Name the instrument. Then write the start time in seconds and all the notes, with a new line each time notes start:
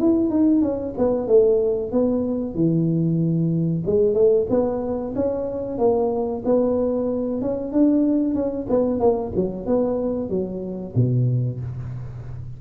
tuba
0.00 E4
0.30 D#4
0.62 C#4
0.98 B3
1.27 A3
1.91 B3
2.55 E3
3.86 G#3
4.14 A3
4.50 B3
5.15 C#4
5.78 A#3
6.45 B3
7.41 C#4
7.72 D4
8.34 C#4
8.69 B3
9.00 A#3
9.36 F#3
9.66 B3
10.29 F#3
10.95 B2